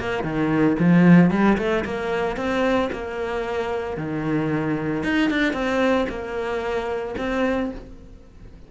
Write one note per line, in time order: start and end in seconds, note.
0.00 0.24 A#3
0.24 0.77 D#3
0.80 1.31 F3
1.31 1.58 G3
1.58 1.85 A3
1.85 2.37 A#3
2.37 2.90 C4
2.93 3.98 A#3
3.98 5.04 D#3
5.04 5.30 D#4
5.30 5.53 D4
5.53 6.07 C4
6.09 7.16 A#3
7.18 7.71 C4